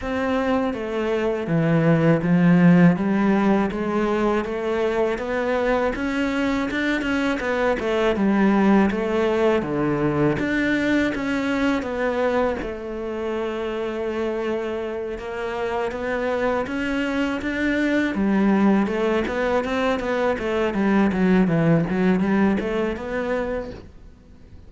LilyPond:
\new Staff \with { instrumentName = "cello" } { \time 4/4 \tempo 4 = 81 c'4 a4 e4 f4 | g4 gis4 a4 b4 | cis'4 d'8 cis'8 b8 a8 g4 | a4 d4 d'4 cis'4 |
b4 a2.~ | a8 ais4 b4 cis'4 d'8~ | d'8 g4 a8 b8 c'8 b8 a8 | g8 fis8 e8 fis8 g8 a8 b4 | }